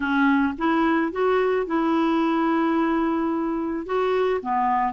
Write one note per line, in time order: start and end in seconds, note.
0.00 0.53 C#4
0.58 1.12 E4
1.12 1.66 F#4
1.66 3.86 E4
3.86 4.41 F#4
4.42 4.93 B3